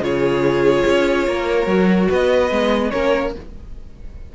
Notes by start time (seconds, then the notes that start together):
0.00 C#3 F4 G#4 C#5
0.86 C#4
1.27 A#3 A#4
1.66 F#3 F#4
2.08 B3 B4 D#5
2.50 G#3 B3
2.90 A#3 C#4 A#4 C#5